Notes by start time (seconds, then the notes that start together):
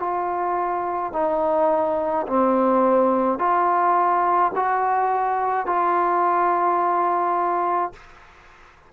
0.00 F4
1.13 D#4
2.27 C4
3.39 F4
4.56 F#4
5.67 F4